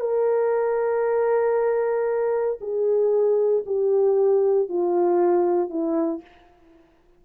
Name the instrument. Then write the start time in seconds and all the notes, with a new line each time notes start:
horn
0.00 A#4
2.61 G#4
3.66 G4
4.68 F4
5.69 E4